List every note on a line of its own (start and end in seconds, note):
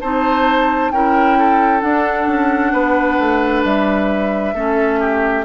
0.00 0.91 C4
0.00 0.93 D#4
0.00 0.91 C5
0.00 0.91 A5
0.91 1.82 C#4
0.91 1.81 E4
0.91 1.38 A#4
0.91 1.80 G5
1.38 2.72 A4
1.80 4.54 D4
1.80 2.27 D4
1.80 3.62 F#5
2.27 2.72 C#4
2.72 3.18 B3
2.72 4.54 B4
3.19 3.64 A3
3.64 4.53 G3
3.64 5.44 E5
4.53 5.44 A3
4.53 5.44 C#4
4.53 4.99 A4
4.99 5.44 G4